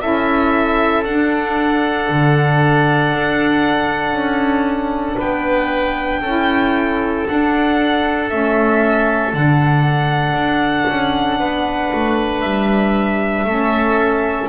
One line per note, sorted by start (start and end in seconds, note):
0.00 1.04 C#4
0.00 1.03 E4
0.00 5.17 A4
0.00 1.04 E5
1.04 2.08 D4
1.04 6.24 D4
1.04 5.18 F#5
2.09 3.13 D3
3.13 4.12 D4
4.12 5.16 C#4
5.17 6.21 B3
5.17 6.20 B4
5.17 7.27 G5
6.21 7.25 C#4
6.21 7.27 E4
6.21 11.38 A4
7.27 8.29 D4
7.27 8.31 D4
7.27 8.30 F#5
8.29 9.33 A3
8.29 9.32 C#4
8.29 9.33 E5
9.33 10.33 D3
9.33 13.47 D4
9.33 12.41 F#5
10.33 10.85 D4
10.88 11.39 C#4
11.39 11.91 B3
11.39 13.46 B4
11.93 12.43 A3
12.41 13.44 G3
12.41 14.47 E5
13.44 14.48 A3
13.44 14.49 C#4
13.44 14.49 A4